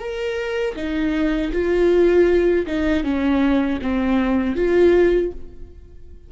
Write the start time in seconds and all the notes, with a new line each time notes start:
0.00 A#4
0.76 D#4
1.53 F4
2.67 D#4
3.04 C#4
3.82 C4
4.56 F4